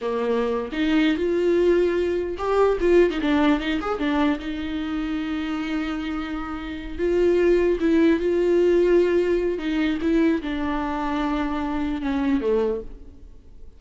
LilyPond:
\new Staff \with { instrumentName = "viola" } { \time 4/4 \tempo 4 = 150 ais4.~ ais16 dis'4~ dis'16 f'4~ | f'2 g'4 f'8. dis'16 | d'4 dis'8 gis'8 d'4 dis'4~ | dis'1~ |
dis'4. f'2 e'8~ | e'8 f'2.~ f'8 | dis'4 e'4 d'2~ | d'2 cis'4 a4 | }